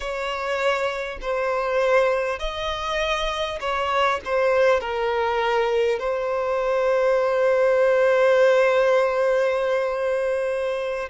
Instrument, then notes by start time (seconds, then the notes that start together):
violin
0.00 C#5
1.21 C5
2.39 D#5
3.60 C#5
4.24 C5
4.80 A#4
5.99 C5